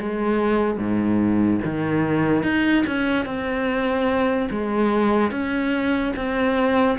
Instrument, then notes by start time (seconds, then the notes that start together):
cello
0.00 G#3
0.78 G#2
1.65 D#3
2.44 D#4
2.87 C#4
3.26 C4
4.51 G#3
5.32 C#4
6.16 C4